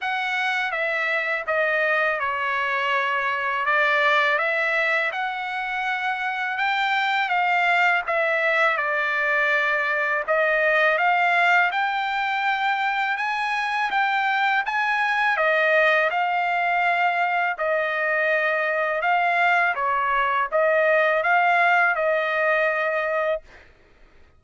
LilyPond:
\new Staff \with { instrumentName = "trumpet" } { \time 4/4 \tempo 4 = 82 fis''4 e''4 dis''4 cis''4~ | cis''4 d''4 e''4 fis''4~ | fis''4 g''4 f''4 e''4 | d''2 dis''4 f''4 |
g''2 gis''4 g''4 | gis''4 dis''4 f''2 | dis''2 f''4 cis''4 | dis''4 f''4 dis''2 | }